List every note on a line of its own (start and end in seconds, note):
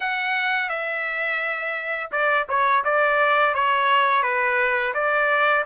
0.00 0.69 F#5
0.69 2.10 E5
2.11 2.46 D5
2.48 2.84 C#5
2.84 3.54 D5
3.54 4.22 C#5
4.22 4.93 B4
4.93 5.64 D5